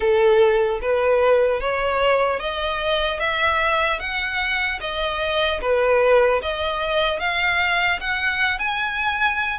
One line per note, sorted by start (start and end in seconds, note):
0.00 0.80 A4
0.81 1.60 B4
1.60 2.39 C#5
2.39 3.19 D#5
3.19 3.99 E5
3.99 4.79 F#5
4.80 5.60 D#5
5.61 6.41 B4
6.42 7.19 D#5
7.19 7.99 F5
8.00 8.58 F#5
8.58 9.58 G#5